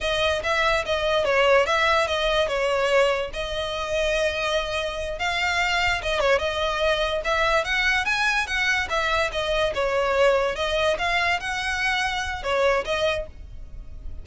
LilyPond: \new Staff \with { instrumentName = "violin" } { \time 4/4 \tempo 4 = 145 dis''4 e''4 dis''4 cis''4 | e''4 dis''4 cis''2 | dis''1~ | dis''8 f''2 dis''8 cis''8 dis''8~ |
dis''4. e''4 fis''4 gis''8~ | gis''8 fis''4 e''4 dis''4 cis''8~ | cis''4. dis''4 f''4 fis''8~ | fis''2 cis''4 dis''4 | }